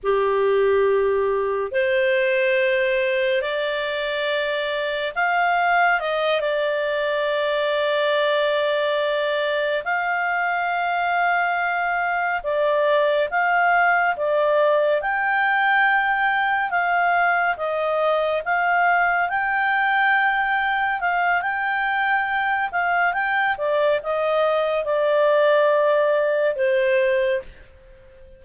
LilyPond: \new Staff \with { instrumentName = "clarinet" } { \time 4/4 \tempo 4 = 70 g'2 c''2 | d''2 f''4 dis''8 d''8~ | d''2.~ d''8 f''8~ | f''2~ f''8 d''4 f''8~ |
f''8 d''4 g''2 f''8~ | f''8 dis''4 f''4 g''4.~ | g''8 f''8 g''4. f''8 g''8 d''8 | dis''4 d''2 c''4 | }